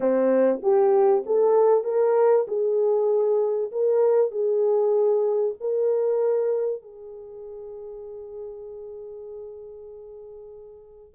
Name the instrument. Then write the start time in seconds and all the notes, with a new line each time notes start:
horn
0.00 C4
0.62 G4
1.25 A4
1.84 A#4
2.47 G#4
3.71 A#4
4.31 G#4
5.60 A#4
6.82 G#4